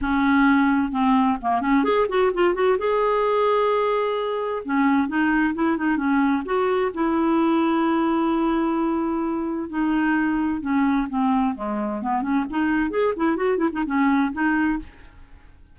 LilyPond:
\new Staff \with { instrumentName = "clarinet" } { \time 4/4 \tempo 4 = 130 cis'2 c'4 ais8 cis'8 | gis'8 fis'8 f'8 fis'8 gis'2~ | gis'2 cis'4 dis'4 | e'8 dis'8 cis'4 fis'4 e'4~ |
e'1~ | e'4 dis'2 cis'4 | c'4 gis4 b8 cis'8 dis'4 | gis'8 e'8 fis'8 e'16 dis'16 cis'4 dis'4 | }